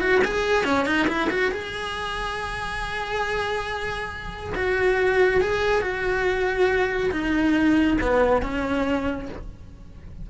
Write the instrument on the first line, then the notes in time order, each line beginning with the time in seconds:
cello
0.00 F#4
0.25 G#4
0.64 C#4
0.86 D#4
1.08 E4
1.30 F#4
1.52 G#4
4.55 F#4
5.41 G#4
5.81 F#4
7.11 D#4
8.01 B3
8.42 C#4